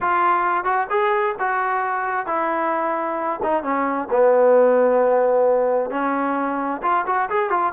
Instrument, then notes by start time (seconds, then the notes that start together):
trombone
0.00 F4
0.64 F#4
0.90 G#4
1.39 F#4
2.26 E4
3.43 D#4
3.63 C#4
4.10 B3
5.90 C#4
6.82 F4
7.06 F#4
7.29 G#4
7.50 F4